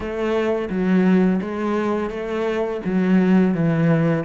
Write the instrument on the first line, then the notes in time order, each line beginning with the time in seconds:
cello
0.00 A3
0.70 F#3
1.41 G#3
2.10 A3
2.84 F#3
3.54 E3